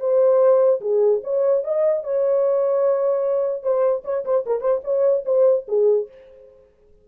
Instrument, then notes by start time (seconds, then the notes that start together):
horn
0.00 C5
0.81 G#4
1.24 C#5
1.64 D#5
2.04 C#5
3.63 C5
4.04 C#5
4.25 C5
4.46 A#4
4.61 C5
4.84 C#5
5.25 C5
5.68 G#4